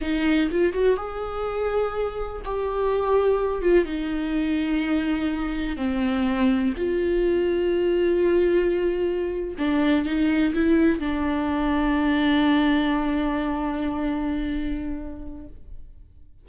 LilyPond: \new Staff \with { instrumentName = "viola" } { \time 4/4 \tempo 4 = 124 dis'4 f'8 fis'8 gis'2~ | gis'4 g'2~ g'8 f'8 | dis'1 | c'2 f'2~ |
f'2.~ f'8. d'16~ | d'8. dis'4 e'4 d'4~ d'16~ | d'1~ | d'1 | }